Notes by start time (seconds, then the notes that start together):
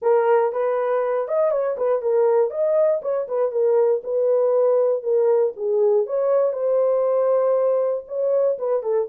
0.02 A#4
0.52 B4
1.27 D#5
1.51 C#5
1.77 B4
2.02 A#4
2.50 D#5
3.02 C#5
3.28 B4
3.51 A#4
4.03 B4
5.03 A#4
5.56 G#4
6.06 C#5
6.52 C5
8.07 C#5
8.58 B4
8.83 A4